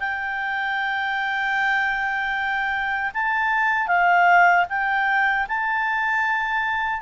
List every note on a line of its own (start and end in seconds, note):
0.00 3.12 G5
3.14 3.88 A5
3.88 4.65 F5
4.69 5.47 G5
5.48 7.02 A5